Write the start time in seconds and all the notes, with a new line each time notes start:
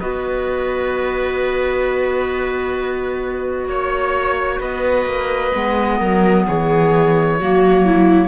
0.00 B3 F#4 B4 D#5
3.67 A#3 C#5
4.59 B3 B4 D#5
5.06 A#3
5.54 G#3 B3
5.99 F#3 A#4
6.47 E3 G#4 C#5
7.40 F#3 A#3 F#4
7.85 E4